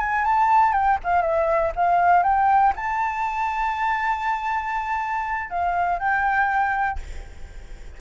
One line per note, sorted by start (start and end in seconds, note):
0.00 0.25 G#5
0.25 0.73 A5
0.73 0.98 G5
1.04 1.22 F5
1.22 1.72 E5
1.76 2.23 F5
2.23 2.73 G5
2.76 5.50 A5
5.50 5.99 F5
5.99 6.99 G5